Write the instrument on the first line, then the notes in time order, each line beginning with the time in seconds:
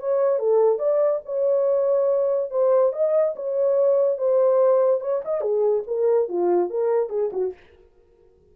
horn
0.00 C#5
0.39 A4
0.79 D5
1.26 C#5
2.51 C5
2.93 D#5
3.36 C#5
4.18 C5
5.01 C#5
5.25 D#5
5.41 G#4
5.87 A#4
6.29 F4
6.70 A#4
7.10 G#4
7.33 F#4